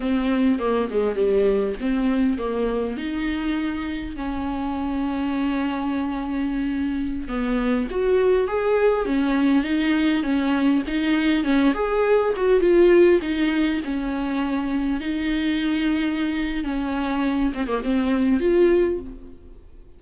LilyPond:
\new Staff \with { instrumentName = "viola" } { \time 4/4 \tempo 4 = 101 c'4 ais8 gis8 g4 c'4 | ais4 dis'2 cis'4~ | cis'1~ | cis'16 b4 fis'4 gis'4 cis'8.~ |
cis'16 dis'4 cis'4 dis'4 cis'8 gis'16~ | gis'8. fis'8 f'4 dis'4 cis'8.~ | cis'4~ cis'16 dis'2~ dis'8. | cis'4. c'16 ais16 c'4 f'4 | }